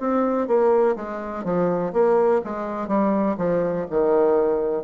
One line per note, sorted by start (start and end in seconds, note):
0.00 0.47 C4
0.47 0.95 A#3
0.96 1.44 G#3
1.44 1.93 F3
1.93 2.41 A#3
2.44 2.88 G#3
2.88 3.36 G3
3.37 3.86 F3
3.90 4.83 D#3